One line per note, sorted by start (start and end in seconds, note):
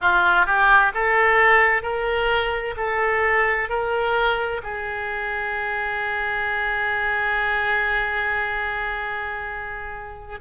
0.01 0.46 F4
0.46 0.92 G4
0.94 1.82 A4
1.82 2.74 A#4
2.77 3.69 A4
3.69 4.61 A#4
4.63 10.40 G#4